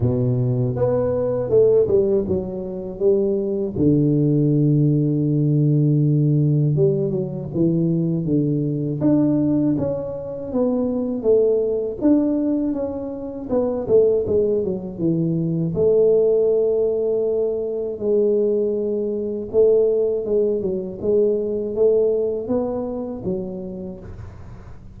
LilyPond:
\new Staff \with { instrumentName = "tuba" } { \time 4/4 \tempo 4 = 80 b,4 b4 a8 g8 fis4 | g4 d2.~ | d4 g8 fis8 e4 d4 | d'4 cis'4 b4 a4 |
d'4 cis'4 b8 a8 gis8 fis8 | e4 a2. | gis2 a4 gis8 fis8 | gis4 a4 b4 fis4 | }